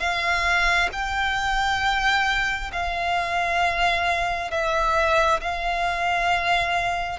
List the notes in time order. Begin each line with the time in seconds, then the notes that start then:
0.00 F5
0.92 G5
2.73 F5
4.51 E5
5.41 F5